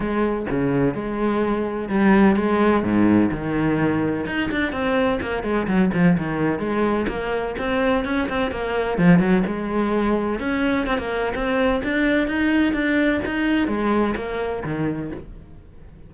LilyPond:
\new Staff \with { instrumentName = "cello" } { \time 4/4 \tempo 4 = 127 gis4 cis4 gis2 | g4 gis4 gis,4 dis4~ | dis4 dis'8 d'8 c'4 ais8 gis8 | fis8 f8 dis4 gis4 ais4 |
c'4 cis'8 c'8 ais4 f8 fis8 | gis2 cis'4 c'16 ais8. | c'4 d'4 dis'4 d'4 | dis'4 gis4 ais4 dis4 | }